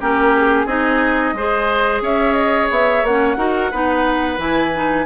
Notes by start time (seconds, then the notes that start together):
0.00 A#3 C#4 G4 A#4
0.36 G#4
0.65 C4 D#4 G#4 D#5
1.33 G#3 G#4 C5
2.01 C#4 C#5 E5
2.33 D#5
2.70 B3 E5
3.02 A#3 C#4 F#5
3.36 D#4 F#4 A#4
3.71 B3 D#4 B4
4.37 E3 E4 G#5
4.74 D#4